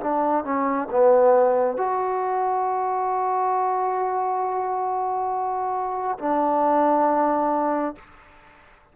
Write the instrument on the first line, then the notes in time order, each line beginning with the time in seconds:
trombone
0.00 D4
0.44 C#4
0.91 B3
1.77 F#4
6.19 D4